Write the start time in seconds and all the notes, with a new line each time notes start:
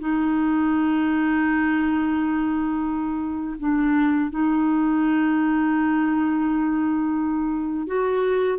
0.00 D#4
3.60 D4
4.31 D#4
7.87 F#4